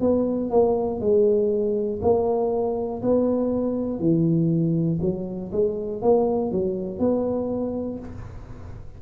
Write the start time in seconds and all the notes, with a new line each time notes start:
0.00 B3
0.50 A#3
1.00 G#3
2.02 A#3
3.02 B3
3.99 E3
5.01 F#3
5.52 G#3
6.01 A#3
6.51 F#3
6.99 B3